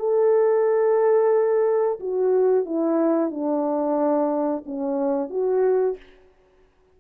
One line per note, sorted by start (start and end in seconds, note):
0.00 2.00 A4
2.00 2.66 F#4
2.66 3.31 E4
3.31 4.64 D4
4.66 5.30 C#4
5.30 5.97 F#4